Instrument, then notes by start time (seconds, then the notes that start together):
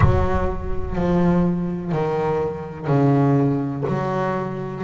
double bass
0.00 F#3
0.95 F3
1.92 D#3
2.87 C#3
3.87 F#3